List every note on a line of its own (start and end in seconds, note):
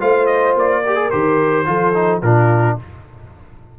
0.00 0.56 A3
0.00 0.83 F4
0.00 0.83 C5
0.00 0.26 F5
0.26 0.54 D#5
0.56 1.11 A#3
0.56 1.10 D5
0.84 0.96 G4
0.84 1.67 A#4
0.96 1.09 G#4
1.10 1.67 D#3
1.10 1.65 G4
1.10 2.20 C5
1.65 2.22 F3
1.65 1.93 F4
1.65 2.22 A4
1.94 2.21 D#4
2.22 2.77 A#2
2.22 2.79 D4
2.22 2.77 F4
2.22 2.77 A#4